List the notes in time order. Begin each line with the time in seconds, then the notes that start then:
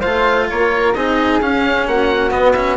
0.00 A3 F4 C5 F5
0.49 A#3 A#4 C#5
0.94 C4 D#4 G#4 D#5
1.41 C#4 F5
1.87 A#3 F#4 F#5
2.30 B3 D#5
2.52 C#4 E5